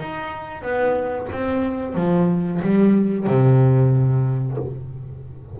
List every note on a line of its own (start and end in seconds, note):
0.00 0.62 D#4
0.62 1.27 B3
1.32 1.95 C4
1.95 2.60 F3
2.61 3.26 G3
3.27 4.57 C3